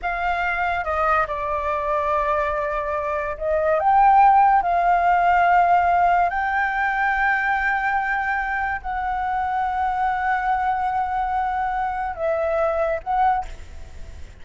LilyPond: \new Staff \with { instrumentName = "flute" } { \time 4/4 \tempo 4 = 143 f''2 dis''4 d''4~ | d''1 | dis''4 g''2 f''4~ | f''2. g''4~ |
g''1~ | g''4 fis''2.~ | fis''1~ | fis''4 e''2 fis''4 | }